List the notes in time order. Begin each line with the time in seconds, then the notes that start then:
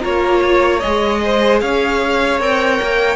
0.00 A#3 F4 A#4 C#5
0.42 C#5
0.79 G#3 G#4 D#5
1.24 C5
1.61 C#4 C#5 F5
2.39 C4 A#4 G5
2.81 A#3